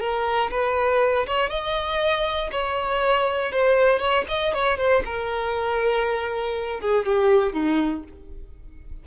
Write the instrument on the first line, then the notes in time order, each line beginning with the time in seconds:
violin
0.00 A#4
0.51 B4
1.27 C#5
1.50 D#5
2.52 C#5
3.52 C5
3.99 C#5
4.29 D#5
4.54 C#5
4.78 C5
5.05 A#4
6.80 G#4
7.06 G4
7.53 D#4